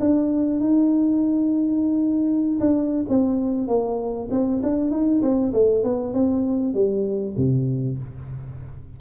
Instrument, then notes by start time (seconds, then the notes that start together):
tuba
0.00 D4
0.60 D#4
2.60 D4
3.09 C4
3.68 A#3
4.31 C4
4.63 D4
4.91 D#4
5.22 C4
5.53 A3
5.83 B3
6.14 C4
6.74 G3
7.37 C3